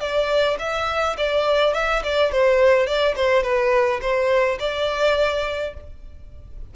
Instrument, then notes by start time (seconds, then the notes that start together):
violin
0.00 D5
0.59 E5
1.17 D5
1.74 E5
2.03 D5
2.32 C5
2.86 D5
3.15 C5
3.43 B4
4.01 C5
4.59 D5